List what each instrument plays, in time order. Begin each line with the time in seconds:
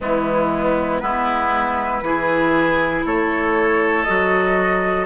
0.00 bassoon E3, clarinet G#3, oboe B3, flute E4
1.00 bassoon G#3, clarinet B3, oboe E4, flute B4
2.02 bassoon E3, clarinet E4, oboe G#4
3.05 bassoon A3, oboe A4, flute C#5
4.03 bassoon F#3, clarinet F#4, flute D#5